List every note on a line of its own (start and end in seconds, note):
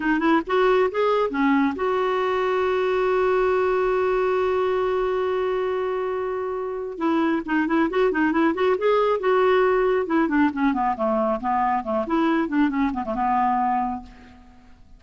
0.00 0.19 D#4
0.19 0.41 E4
0.46 0.90 F#4
0.91 1.30 G#4
1.30 1.74 C#4
1.75 6.98 F#4
6.98 7.42 E4
7.45 7.67 D#4
7.67 7.89 E4
7.90 8.11 F#4
8.11 8.32 D#4
8.32 8.53 E4
8.54 8.76 F#4
8.78 9.19 G#4
9.19 10.06 F#4
10.06 10.28 E4
10.28 10.50 D4
10.53 10.73 C#4
10.73 10.95 B3
10.96 11.40 A3
11.40 11.83 B3
11.83 12.05 A3
12.07 12.48 E4
12.48 12.69 D4
12.69 12.91 C#4
12.93 13.04 B3
13.05 13.14 A3
13.14 14.02 B3